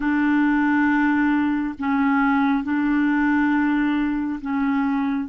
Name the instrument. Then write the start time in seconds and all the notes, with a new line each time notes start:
clarinet
0.00 D4
1.78 C#4
2.63 D4
4.41 C#4